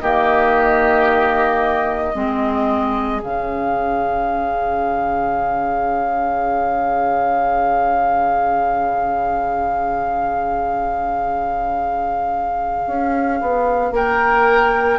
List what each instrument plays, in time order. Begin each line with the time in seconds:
0.00 bassoon D#3, clarinet A#3, oboe G4, flute D#5
2.15 bassoon G#3, clarinet C4, oboe G#4
3.22 bassoon C#3, clarinet C#4, flute F5
12.87 bassoon C#4
13.41 bassoon B3
13.91 bassoon A#3, oboe A#4, flute G5